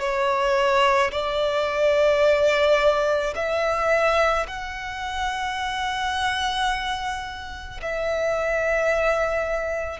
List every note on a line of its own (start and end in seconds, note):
0.00 1.11 C#5
1.12 3.34 D5
3.36 4.47 E5
4.47 7.81 F#5
7.82 10.00 E5